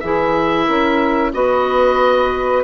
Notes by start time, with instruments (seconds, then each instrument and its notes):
0.00 bassoon E3, clarinet E4, saxophone G#4, oboe E5
0.66 bassoon C#4, saxophone A#4
1.33 bassoon B3, clarinet F#4, saxophone B4, oboe D#5